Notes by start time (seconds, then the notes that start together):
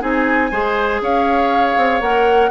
0.00 C4 D#4 G#4 G#5
0.51 G#3 G#4 C5
1.01 C#4 C#5 F5
1.77 C4
2.00 A#3 A#4 F#5